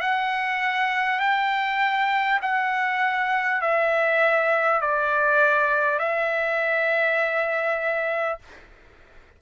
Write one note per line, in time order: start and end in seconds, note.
0.00 1.19 F#5
1.19 2.39 G5
2.42 3.61 F#5
3.61 4.81 E5
4.81 5.98 D5
5.98 8.38 E5